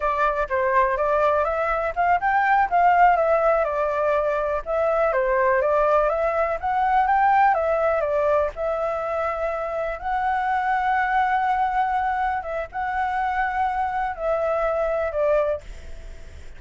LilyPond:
\new Staff \with { instrumentName = "flute" } { \time 4/4 \tempo 4 = 123 d''4 c''4 d''4 e''4 | f''8 g''4 f''4 e''4 d''8~ | d''4. e''4 c''4 d''8~ | d''8 e''4 fis''4 g''4 e''8~ |
e''8 d''4 e''2~ e''8~ | e''8 fis''2.~ fis''8~ | fis''4. e''8 fis''2~ | fis''4 e''2 d''4 | }